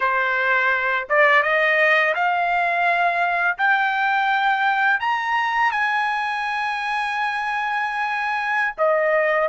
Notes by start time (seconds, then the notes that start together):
0.00 C5
1.09 D5
1.43 D#5
2.14 F5
3.57 G5
5.00 A#5
5.71 G#5
8.77 D#5